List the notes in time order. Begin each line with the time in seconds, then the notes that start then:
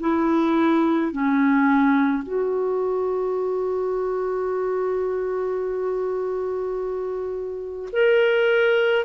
0.00 E4
1.12 C#4
2.23 F#4
7.92 A#4